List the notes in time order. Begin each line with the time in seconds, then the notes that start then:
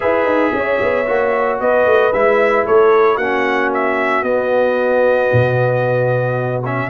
0.00 E4 G#4 B4 E5
0.24 D#4
0.53 C#4 C#5
0.81 B3
1.06 A#3 F#4
1.60 B3 B4 D#5
1.85 A3
2.12 G#3 E4 E5
2.65 A3 A4 C#5
3.15 A#3 C#4 F#4 F#5
3.73 E5
4.22 B3 D#5
5.32 B2
6.64 C#4 E5